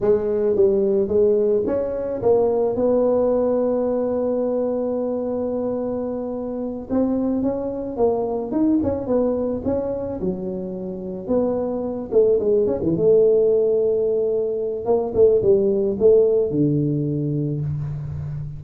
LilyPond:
\new Staff \with { instrumentName = "tuba" } { \time 4/4 \tempo 4 = 109 gis4 g4 gis4 cis'4 | ais4 b2.~ | b1~ | b8 c'4 cis'4 ais4 dis'8 |
cis'8 b4 cis'4 fis4.~ | fis8 b4. a8 gis8 cis'16 e16 a8~ | a2. ais8 a8 | g4 a4 d2 | }